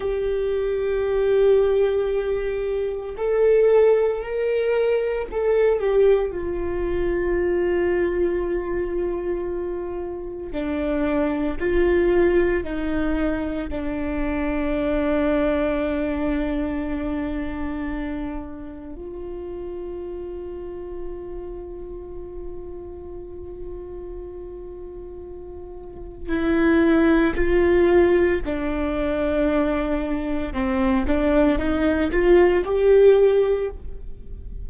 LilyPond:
\new Staff \with { instrumentName = "viola" } { \time 4/4 \tempo 4 = 57 g'2. a'4 | ais'4 a'8 g'8 f'2~ | f'2 d'4 f'4 | dis'4 d'2.~ |
d'2 f'2~ | f'1~ | f'4 e'4 f'4 d'4~ | d'4 c'8 d'8 dis'8 f'8 g'4 | }